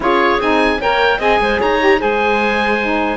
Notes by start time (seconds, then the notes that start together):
0.00 C#4 F4 G#4 C#5
0.39 C4 D#4 G#5
0.80 A#3 A#4 C#5 G5
1.18 C4 G#4 D#5 G#5
1.40 G#3 C5
1.59 D#4 C#5 A#5
1.79 G4
1.98 G#3 G#4 C5 G#5
2.82 D#4